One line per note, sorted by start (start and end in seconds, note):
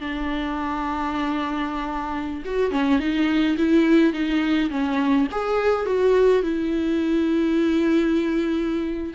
0.00 2.43 D4
2.45 2.71 F#4
2.71 2.99 C#4
2.99 3.57 D#4
3.57 4.13 E4
4.13 4.70 D#4
4.70 5.27 C#4
5.31 5.86 G#4
5.86 6.43 F#4
6.43 9.14 E4